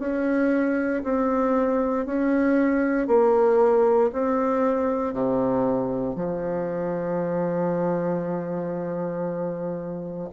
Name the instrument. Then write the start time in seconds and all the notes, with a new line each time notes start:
bassoon
0.00 C#4
1.04 C4
2.06 C#4
3.08 A#3
4.13 C4
5.14 C3
6.16 F3